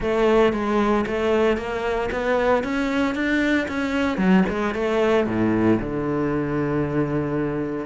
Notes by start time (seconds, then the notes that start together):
0.00 A3
0.52 G#3
1.06 A3
1.57 A#3
2.11 B3
2.63 C#4
3.14 D4
3.68 C#4
4.17 F#3
4.49 G#3
4.74 A3
5.27 A2
5.79 D3